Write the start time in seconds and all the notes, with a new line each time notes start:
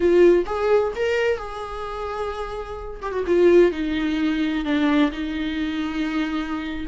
0.00 F4
0.46 G#4
0.95 A#4
1.37 G#4
3.01 G4
3.12 F#4
3.26 F4
3.71 D#4
4.64 D4
5.11 D#4